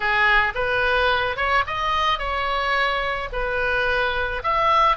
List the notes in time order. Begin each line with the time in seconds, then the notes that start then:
0.00 G#4
0.55 B4
1.36 C#5
1.66 D#5
2.19 C#5
3.32 B4
4.43 E5